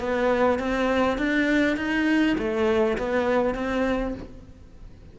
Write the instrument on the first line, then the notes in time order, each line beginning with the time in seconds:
cello
0.00 B3
0.59 C4
1.18 D4
1.77 D#4
2.38 A3
2.98 B3
3.55 C4